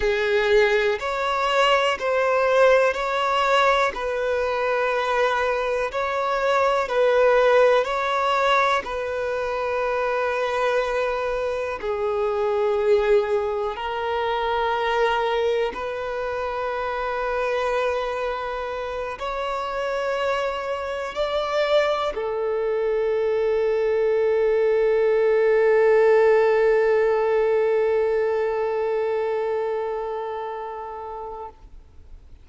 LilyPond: \new Staff \with { instrumentName = "violin" } { \time 4/4 \tempo 4 = 61 gis'4 cis''4 c''4 cis''4 | b'2 cis''4 b'4 | cis''4 b'2. | gis'2 ais'2 |
b'2.~ b'8 cis''8~ | cis''4. d''4 a'4.~ | a'1~ | a'1 | }